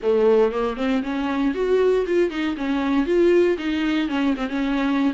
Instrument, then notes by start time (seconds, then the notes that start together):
viola
0.02 A3
0.51 A#3
0.76 C4
1.03 C#4
1.54 F#4
2.06 F4
2.30 D#4
2.56 C#4
3.06 F4
3.58 D#4
4.08 C#4
4.36 C4
4.49 C#4